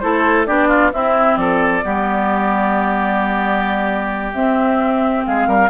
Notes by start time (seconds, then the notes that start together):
0.00 A3 E4 A4 C5
0.46 B3 D4 G4 D5
0.68 F4
0.93 C4 E4 E5
1.37 F3 A4 D5
1.82 G3 B3 G4
4.34 C4 E5
5.26 G#3 G#4 F5
5.47 G3 A#4